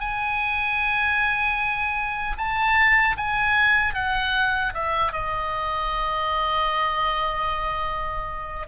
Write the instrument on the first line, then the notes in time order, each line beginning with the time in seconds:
oboe
0.00 G#5
2.38 A5
3.18 G#5
3.94 F#5
4.74 E5
5.13 D#5